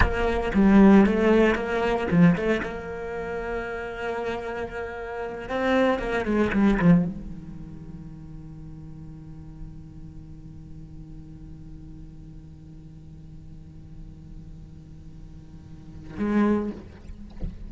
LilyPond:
\new Staff \with { instrumentName = "cello" } { \time 4/4 \tempo 4 = 115 ais4 g4 a4 ais4 | f8 a8 ais2.~ | ais2~ ais8 c'4 ais8 | gis8 g8 f8 dis2~ dis8~ |
dis1~ | dis1~ | dis1~ | dis2. gis4 | }